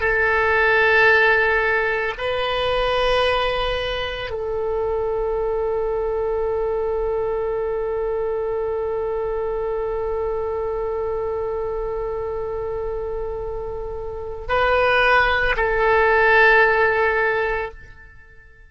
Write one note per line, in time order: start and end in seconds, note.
0.00 2.14 A4
2.18 4.30 B4
4.30 14.48 A4
14.48 15.56 B4
15.56 17.71 A4